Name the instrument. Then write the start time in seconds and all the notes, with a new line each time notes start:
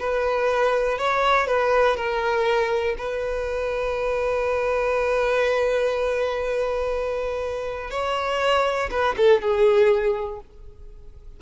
violin
0.00 B4
0.98 C#5
1.48 B4
1.97 A#4
2.98 B4
7.91 C#5
8.91 B4
9.17 A4
9.42 G#4